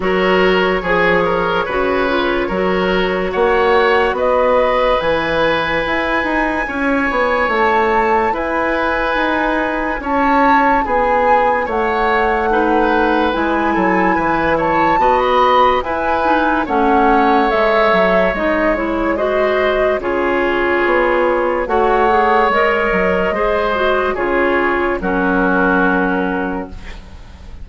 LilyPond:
<<
  \new Staff \with { instrumentName = "flute" } { \time 4/4 \tempo 4 = 72 cis''1 | fis''4 dis''4 gis''2~ | gis''4 a''4 gis''2 | a''4 gis''4 fis''2 |
gis''4. a''8. b''8. gis''4 | fis''4 e''4 dis''8 cis''8 dis''4 | cis''2 fis''4 dis''4~ | dis''4 cis''4 ais'2 | }
  \new Staff \with { instrumentName = "oboe" } { \time 4/4 ais'4 gis'8 ais'8 b'4 ais'4 | cis''4 b'2. | cis''2 b'2 | cis''4 gis'4 cis''4 b'4~ |
b'8 a'8 b'8 cis''8 dis''4 b'4 | cis''2. c''4 | gis'2 cis''2 | c''4 gis'4 fis'2 | }
  \new Staff \with { instrumentName = "clarinet" } { \time 4/4 fis'4 gis'4 fis'8 f'8 fis'4~ | fis'2 e'2~ | e'1~ | e'2. dis'4 |
e'2 fis'4 e'8 dis'8 | cis'4 a'4 dis'8 e'8 fis'4 | f'2 fis'8 gis'8 ais'4 | gis'8 fis'8 f'4 cis'2 | }
  \new Staff \with { instrumentName = "bassoon" } { \time 4/4 fis4 f4 cis4 fis4 | ais4 b4 e4 e'8 dis'8 | cis'8 b8 a4 e'4 dis'4 | cis'4 b4 a2 |
gis8 fis8 e4 b4 e'4 | a4 gis8 fis8 gis2 | cis4 b4 a4 gis8 fis8 | gis4 cis4 fis2 | }
>>